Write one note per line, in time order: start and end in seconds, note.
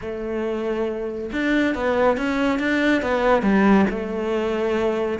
0.01 1.30 A3
1.32 1.75 D4
1.75 2.17 B3
2.17 2.59 C#4
2.59 3.01 D4
3.01 3.42 B3
3.42 3.85 G3
3.89 5.19 A3